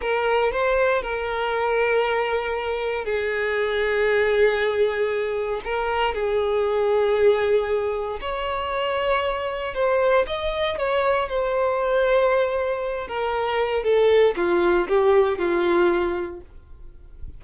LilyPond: \new Staff \with { instrumentName = "violin" } { \time 4/4 \tempo 4 = 117 ais'4 c''4 ais'2~ | ais'2 gis'2~ | gis'2. ais'4 | gis'1 |
cis''2. c''4 | dis''4 cis''4 c''2~ | c''4. ais'4. a'4 | f'4 g'4 f'2 | }